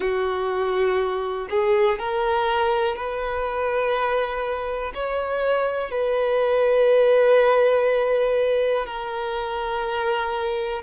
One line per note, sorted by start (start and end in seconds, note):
0.00 1.48 F#4
1.50 1.99 G#4
1.99 2.96 A#4
2.96 4.92 B4
4.94 5.91 C#5
5.91 8.85 B4
8.85 10.82 A#4